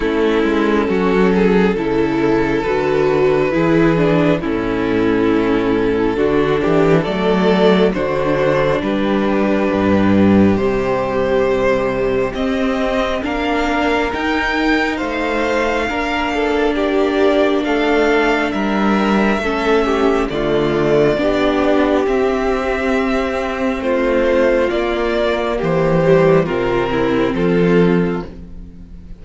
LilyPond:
<<
  \new Staff \with { instrumentName = "violin" } { \time 4/4 \tempo 4 = 68 a'2. b'4~ | b'4 a'2. | d''4 c''4 b'2 | c''2 dis''4 f''4 |
g''4 f''2 d''4 | f''4 e''2 d''4~ | d''4 e''2 c''4 | d''4 c''4 ais'4 a'4 | }
  \new Staff \with { instrumentName = "violin" } { \time 4/4 e'4 fis'8 gis'8 a'2 | gis'4 e'2 fis'8 g'8 | a'4 fis'4 g'2~ | g'2. ais'4~ |
ais'4 c''4 ais'8 a'8 g'4 | a'4 ais'4 a'8 g'8 f'4 | g'2. f'4~ | f'4 g'4 f'8 e'8 f'4 | }
  \new Staff \with { instrumentName = "viola" } { \time 4/4 cis'2 e'4 fis'4 | e'8 d'8 cis'2 d'4 | a4 d'2. | g2 c'4 d'4 |
dis'2 d'2~ | d'2 cis'4 a4 | d'4 c'2. | ais4. g8 c'2 | }
  \new Staff \with { instrumentName = "cello" } { \time 4/4 a8 gis8 fis4 cis4 d4 | e4 a,2 d8 e8 | fis4 d4 g4 g,4 | c2 c'4 ais4 |
dis'4 a4 ais2 | a4 g4 a4 d4 | b4 c'2 a4 | ais4 e4 c4 f4 | }
>>